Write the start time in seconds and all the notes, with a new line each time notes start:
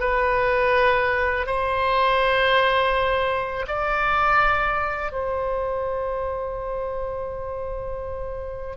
0.00 B4
1.46 C5
3.68 D5
5.12 C5